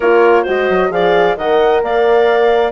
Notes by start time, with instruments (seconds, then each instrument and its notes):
0.00 bassoon A#3, horn F4, clarinet A#4, flute C#5
0.42 bassoon G#3, horn F#4, clarinet C5, flute D#5
0.69 bassoon F#3
0.90 bassoon F3, horn G#4, clarinet D5, flute F5
1.36 bassoon D#3, horn A#4, clarinet D#5, flute F#5
1.82 bassoon A#3, clarinet D5, flute F5